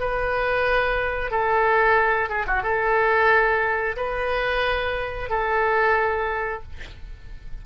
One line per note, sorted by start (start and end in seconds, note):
0.00 1.32 B4
1.32 2.29 A4
2.29 2.46 G#4
2.47 2.63 F#4
2.63 3.96 A4
3.97 5.30 B4
5.30 6.63 A4